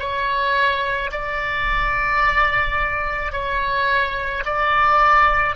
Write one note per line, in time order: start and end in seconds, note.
0.00 1.11 C#5
1.12 3.33 D5
3.33 4.44 C#5
4.46 5.56 D5